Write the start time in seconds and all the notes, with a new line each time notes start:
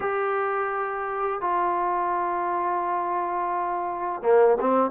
0.00 G4
1.41 F4
4.22 A#3
4.60 C4